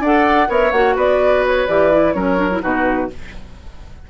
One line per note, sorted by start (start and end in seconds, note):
0.00 0.47 D4
0.00 0.47 A4
0.00 0.48 D5
0.00 0.51 F#5
0.47 0.72 B3
0.47 0.71 A#4
0.47 0.95 C#5
0.47 0.71 E5
0.71 0.95 A#3
0.71 1.68 F#4
0.71 0.95 F#5
0.95 1.67 B3
0.95 2.13 B4
0.95 1.46 D5
1.46 1.67 C#5
1.67 2.14 E3
1.67 1.92 G4
1.67 2.12 D5
1.92 2.15 E4
2.12 2.62 F#3
2.12 2.37 C#4
2.12 2.63 A#4
2.12 2.60 C#5
2.37 2.49 D4
2.51 2.61 E4
2.61 3.10 B2
2.61 3.08 D#4
2.61 3.10 F#4
2.61 3.10 B4